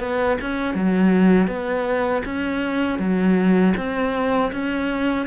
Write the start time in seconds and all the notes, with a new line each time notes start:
0.00 B3
0.41 C#4
0.75 F#3
1.48 B3
2.25 C#4
2.99 F#3
3.77 C4
4.53 C#4